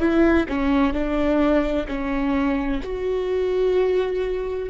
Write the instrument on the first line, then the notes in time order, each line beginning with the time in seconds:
viola
0.00 E4
0.49 C#4
0.93 D4
1.87 C#4
2.83 F#4